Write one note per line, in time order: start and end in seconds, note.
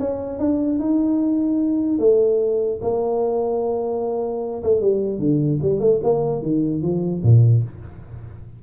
0.00 0.39 C#4
0.39 0.79 D4
0.80 1.99 D#4
1.99 2.80 A3
2.82 4.63 A#3
4.63 4.81 A3
4.81 5.19 G3
5.19 5.59 D3
5.62 5.80 G3
5.80 6.01 A3
6.03 6.42 A#3
6.42 6.82 D#3
6.82 7.23 F3
7.23 7.63 A#2